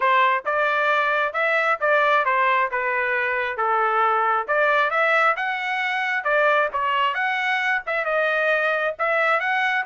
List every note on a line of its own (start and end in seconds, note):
0.00 0.44 C5
0.45 1.33 D5
1.33 1.78 E5
1.80 2.25 D5
2.25 2.69 C5
2.71 3.57 B4
3.57 4.47 A4
4.47 4.90 D5
4.90 5.35 E5
5.36 6.24 F#5
6.24 6.68 D5
6.72 7.14 C#5
7.14 7.81 F#5
7.86 8.05 E5
8.05 8.94 D#5
8.98 9.40 E5
9.40 9.84 F#5